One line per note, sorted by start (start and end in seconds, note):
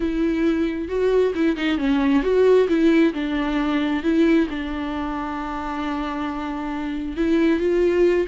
0.00 0.88 E4
0.88 1.33 F#4
1.34 1.56 E4
1.56 1.78 D#4
1.78 2.22 C#4
2.22 2.67 F#4
2.68 3.13 E4
3.13 4.03 D4
4.03 4.47 E4
4.49 7.16 D4
7.16 7.59 E4
7.59 8.27 F4